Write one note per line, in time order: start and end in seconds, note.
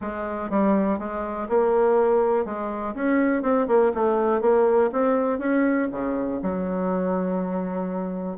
0.01 0.50 G#3
0.50 0.98 G3
0.98 1.48 G#3
1.49 2.45 A#3
2.45 2.94 G#3
2.94 3.42 C#4
3.42 3.67 C4
3.67 3.92 A#3
3.94 4.41 A3
4.41 4.90 A#3
4.92 5.39 C4
5.39 5.88 C#4
5.92 6.41 C#3
6.42 8.37 F#3